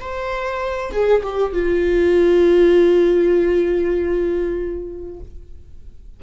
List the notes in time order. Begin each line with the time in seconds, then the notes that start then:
0.00 C5
0.92 G#4
1.23 G4
1.53 F4